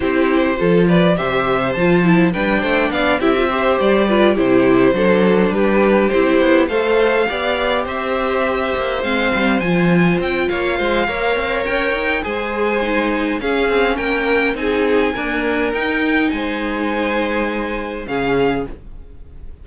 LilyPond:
<<
  \new Staff \with { instrumentName = "violin" } { \time 4/4 \tempo 4 = 103 c''4. d''8 e''4 a''4 | g''4 f''8 e''4 d''4 c''8~ | c''4. b'4 c''4 f''8~ | f''4. e''2 f''8~ |
f''8 gis''4 g''8 f''2 | g''4 gis''2 f''4 | g''4 gis''2 g''4 | gis''2. f''4 | }
  \new Staff \with { instrumentName = "violin" } { \time 4/4 g'4 a'8 b'8 c''2 | b'8 c''8 d''8 g'8 c''4 b'8 g'8~ | g'8 a'4 g'2 c''8~ | c''8 d''4 c''2~ c''8~ |
c''2 cis''8 c''8 cis''4~ | cis''4 c''2 gis'4 | ais'4 gis'4 ais'2 | c''2. gis'4 | }
  \new Staff \with { instrumentName = "viola" } { \time 4/4 e'4 f'4 g'4 f'8 e'8 | d'4. e'16 f'16 g'4 f'8 e'8~ | e'8 d'2 e'4 a'8~ | a'8 g'2. c'8~ |
c'8 f'2~ f'8 ais'4~ | ais'4 gis'4 dis'4 cis'4~ | cis'4 dis'4 ais4 dis'4~ | dis'2. cis'4 | }
  \new Staff \with { instrumentName = "cello" } { \time 4/4 c'4 f4 c4 f4 | g8 a8 b8 c'4 g4 c8~ | c8 fis4 g4 c'8 b8 a8~ | a8 b4 c'4. ais8 gis8 |
g8 f4 c'8 ais8 gis8 ais8 c'8 | cis'8 dis'8 gis2 cis'8 c'8 | ais4 c'4 d'4 dis'4 | gis2. cis4 | }
>>